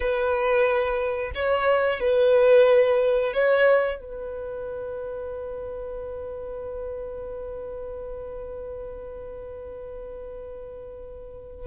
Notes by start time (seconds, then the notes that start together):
0.00 B4
1.35 C#5
2.00 B4
3.33 C#5
3.99 B4